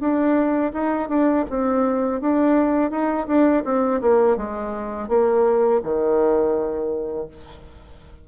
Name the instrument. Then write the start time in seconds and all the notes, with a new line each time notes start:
bassoon
0.00 D4
0.73 D#4
1.09 D4
1.50 C4
2.21 D4
2.91 D#4
3.27 D4
3.65 C4
4.01 A#3
4.37 G#3
5.09 A#3
5.83 D#3